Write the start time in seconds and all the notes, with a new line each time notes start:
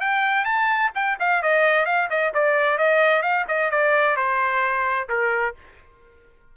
0.00 G5
0.44 A5
0.95 G5
1.19 F5
1.42 D#5
1.85 F5
2.10 D#5
2.34 D5
2.78 D#5
3.22 F5
3.48 D#5
3.70 D5
4.16 C5
5.09 A#4